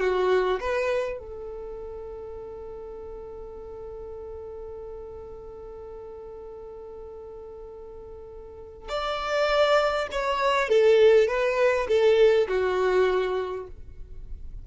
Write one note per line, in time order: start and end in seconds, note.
0.00 0.59 F#4
0.60 1.19 B4
1.19 8.88 A4
8.88 10.07 D5
10.12 10.68 C#5
10.68 11.28 A4
11.28 11.87 B4
11.88 12.48 A4
12.48 13.67 F#4